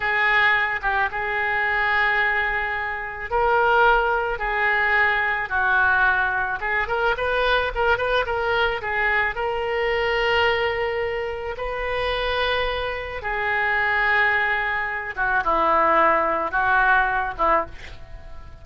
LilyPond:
\new Staff \with { instrumentName = "oboe" } { \time 4/4 \tempo 4 = 109 gis'4. g'8 gis'2~ | gis'2 ais'2 | gis'2 fis'2 | gis'8 ais'8 b'4 ais'8 b'8 ais'4 |
gis'4 ais'2.~ | ais'4 b'2. | gis'2.~ gis'8 fis'8 | e'2 fis'4. e'8 | }